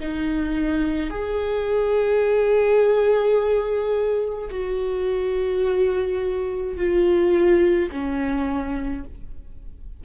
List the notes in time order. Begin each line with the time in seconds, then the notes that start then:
0.00 D#4
1.10 G#4
4.50 F#4
6.77 F4
7.91 C#4